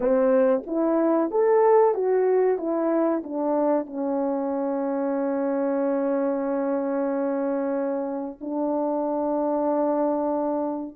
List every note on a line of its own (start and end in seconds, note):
0.00 0.62 C4
0.66 1.30 E4
1.30 1.94 A4
1.94 2.57 F#4
2.57 3.22 E4
3.23 3.86 D4
3.86 8.38 C#4
8.40 10.96 D4